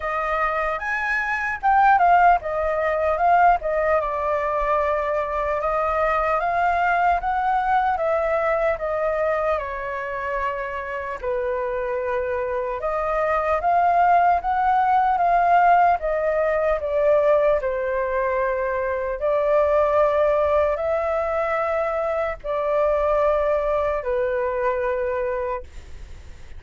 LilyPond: \new Staff \with { instrumentName = "flute" } { \time 4/4 \tempo 4 = 75 dis''4 gis''4 g''8 f''8 dis''4 | f''8 dis''8 d''2 dis''4 | f''4 fis''4 e''4 dis''4 | cis''2 b'2 |
dis''4 f''4 fis''4 f''4 | dis''4 d''4 c''2 | d''2 e''2 | d''2 b'2 | }